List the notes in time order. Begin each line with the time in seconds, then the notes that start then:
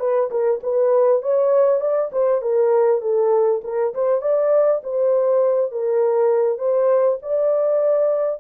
0.00 B4
0.31 A#4
0.63 B4
1.22 C#5
1.81 D5
2.12 C5
2.42 A#4
3.02 A4
3.64 A#4
3.95 C5
4.22 D5
4.84 C5
5.72 A#4
6.59 C5
7.22 D5